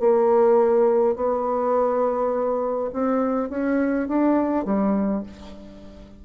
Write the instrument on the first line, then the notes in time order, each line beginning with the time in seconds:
bassoon
0.00 A#3
1.16 B3
2.93 C4
3.50 C#4
4.08 D4
4.65 G3